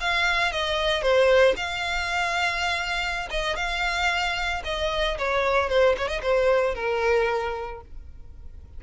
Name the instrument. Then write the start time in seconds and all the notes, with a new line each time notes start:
violin
0.00 F5
0.52 D#5
1.02 C5
1.56 F5
3.30 D#5
3.56 F5
4.64 D#5
5.18 C#5
5.69 C5
5.97 C#5
6.08 D#5
6.22 C5
6.75 A#4